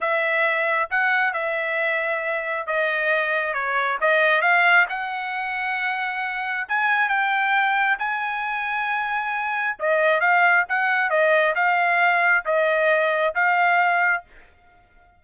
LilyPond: \new Staff \with { instrumentName = "trumpet" } { \time 4/4 \tempo 4 = 135 e''2 fis''4 e''4~ | e''2 dis''2 | cis''4 dis''4 f''4 fis''4~ | fis''2. gis''4 |
g''2 gis''2~ | gis''2 dis''4 f''4 | fis''4 dis''4 f''2 | dis''2 f''2 | }